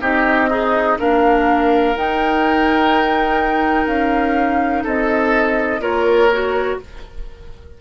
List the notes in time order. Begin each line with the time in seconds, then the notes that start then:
0.00 C4 D#4 G4 D#5
0.49 D#4 G#4
0.98 A#3 D4 A#4 F5
1.95 D#4 G5
3.86 C#4 F5
4.83 C4 A4 D#5
5.79 A#3 F4 A#4 C#5
6.32 F#4